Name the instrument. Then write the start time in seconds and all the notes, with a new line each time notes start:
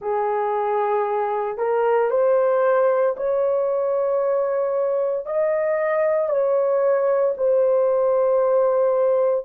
horn
0.00 G#4
1.57 A#4
2.10 C5
3.16 C#5
5.25 D#5
6.29 C#5
7.37 C5